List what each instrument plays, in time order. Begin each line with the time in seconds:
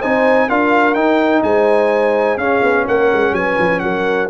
0.00 tuba C4, trombone D#4, horn C5, trumpet G#5
0.48 tuba D4, trombone F4, horn A#4, trumpet F5
0.94 tuba D#4, trombone D#4, trumpet G5
1.43 tuba G#3, horn C5, trumpet G#5
2.37 tuba C#4, trombone C#4, horn G#4, trumpet F5
2.62 tuba B3
2.85 tuba A#3, horn A#4, trumpet F#5
3.13 tuba G#3
3.32 tuba F#3, horn B4, trumpet G#5
3.59 tuba F3
3.79 tuba F#3, horn A#4, trumpet F#5